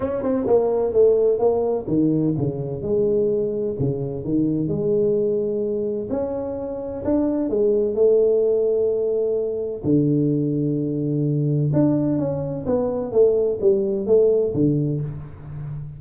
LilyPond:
\new Staff \with { instrumentName = "tuba" } { \time 4/4 \tempo 4 = 128 cis'8 c'8 ais4 a4 ais4 | dis4 cis4 gis2 | cis4 dis4 gis2~ | gis4 cis'2 d'4 |
gis4 a2.~ | a4 d2.~ | d4 d'4 cis'4 b4 | a4 g4 a4 d4 | }